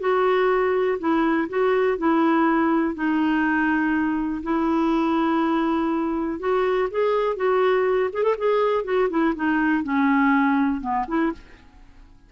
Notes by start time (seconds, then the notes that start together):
0.00 F#4
0.99 E4
1.49 F#4
1.98 E4
2.95 D#4
4.43 E4
6.40 F#4
6.91 G#4
7.37 F#4
8.13 G#4
8.23 A4
8.38 G#4
8.84 F#4
9.10 E4
9.36 D#4
9.84 C#4
10.81 B3
11.08 E4